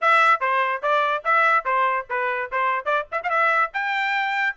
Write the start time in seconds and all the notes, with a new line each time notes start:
0.01 E5
0.40 C5
0.82 D5
1.24 E5
1.65 C5
2.09 B4
2.51 C5
2.85 D5
3.11 E5
3.23 F5
3.29 E5
3.73 G5